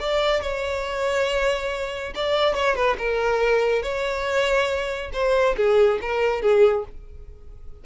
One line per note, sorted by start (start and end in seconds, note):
0.00 0.42 D5
0.42 2.14 C#5
2.15 2.55 D5
2.55 2.76 C#5
2.76 2.97 B4
2.98 3.83 A#4
3.83 5.11 C#5
5.13 5.56 C5
5.57 6.00 G#4
6.02 6.42 A#4
6.42 6.85 G#4